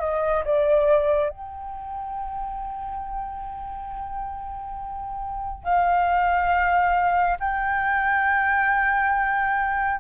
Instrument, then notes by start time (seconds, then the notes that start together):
flute
0.00 D#5
0.45 D5
1.30 G5
5.64 F5
7.40 G5